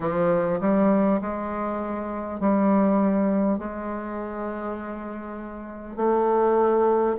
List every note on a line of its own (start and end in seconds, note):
0.00 0.59 F3
0.60 1.20 G3
1.21 2.40 G#3
2.40 3.58 G3
3.58 5.96 G#3
5.96 7.16 A3